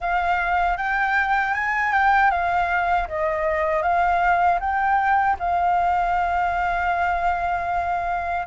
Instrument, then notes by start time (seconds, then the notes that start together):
flute
0.00 F5
0.77 G5
1.54 G#5
1.92 G5
2.30 F5
3.08 D#5
3.82 F5
4.59 G5
5.39 F5